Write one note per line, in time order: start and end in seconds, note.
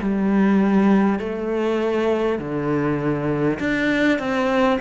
0.00 1.19 G3
1.19 2.38 A3
2.38 3.58 D3
3.59 4.18 D4
4.18 4.78 C4